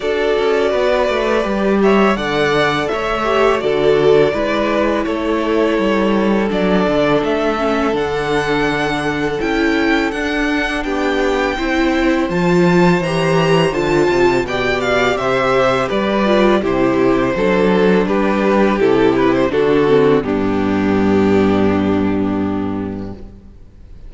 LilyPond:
<<
  \new Staff \with { instrumentName = "violin" } { \time 4/4 \tempo 4 = 83 d''2~ d''8 e''8 fis''4 | e''4 d''2 cis''4~ | cis''4 d''4 e''4 fis''4~ | fis''4 g''4 fis''4 g''4~ |
g''4 a''4 ais''4 a''4 | g''8 f''8 e''4 d''4 c''4~ | c''4 b'4 a'8 b'16 c''16 a'4 | g'1 | }
  \new Staff \with { instrumentName = "violin" } { \time 4/4 a'4 b'4. cis''8 d''4 | cis''4 a'4 b'4 a'4~ | a'1~ | a'2. g'4 |
c''1 | d''4 c''4 b'4 g'4 | a'4 g'2 fis'4 | d'1 | }
  \new Staff \with { instrumentName = "viola" } { \time 4/4 fis'2 g'4 a'4~ | a'8 g'8 fis'4 e'2~ | e'4 d'4. cis'8 d'4~ | d'4 e'4 d'2 |
e'4 f'4 g'4 f'4 | g'2~ g'8 f'8 e'4 | d'2 e'4 d'8 c'8 | b1 | }
  \new Staff \with { instrumentName = "cello" } { \time 4/4 d'8 cis'8 b8 a8 g4 d4 | a4 d4 gis4 a4 | g4 fis8 d8 a4 d4~ | d4 cis'4 d'4 b4 |
c'4 f4 e4 d8 c8 | b,4 c4 g4 c4 | fis4 g4 c4 d4 | g,1 | }
>>